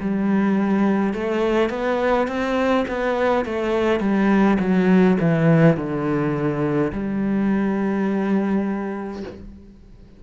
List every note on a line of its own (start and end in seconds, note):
0.00 1.13 G3
1.13 1.69 A3
1.69 2.27 B3
2.27 2.85 C4
2.88 3.45 B3
3.45 4.00 A3
4.00 4.57 G3
4.59 5.17 F#3
5.20 5.76 E3
5.76 6.92 D3
6.92 9.23 G3